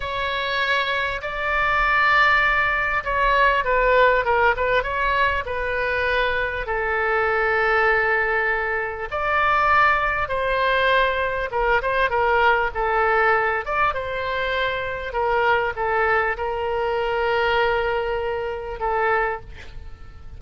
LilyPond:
\new Staff \with { instrumentName = "oboe" } { \time 4/4 \tempo 4 = 99 cis''2 d''2~ | d''4 cis''4 b'4 ais'8 b'8 | cis''4 b'2 a'4~ | a'2. d''4~ |
d''4 c''2 ais'8 c''8 | ais'4 a'4. d''8 c''4~ | c''4 ais'4 a'4 ais'4~ | ais'2. a'4 | }